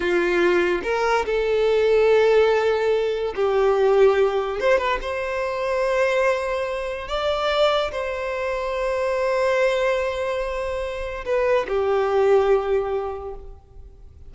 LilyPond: \new Staff \with { instrumentName = "violin" } { \time 4/4 \tempo 4 = 144 f'2 ais'4 a'4~ | a'1 | g'2. c''8 b'8 | c''1~ |
c''4 d''2 c''4~ | c''1~ | c''2. b'4 | g'1 | }